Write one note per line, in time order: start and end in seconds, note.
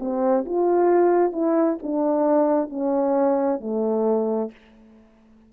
0.00 0.45 C4
0.46 1.33 F4
1.33 1.78 E4
1.83 2.70 D4
2.70 3.60 C#4
3.60 4.51 A3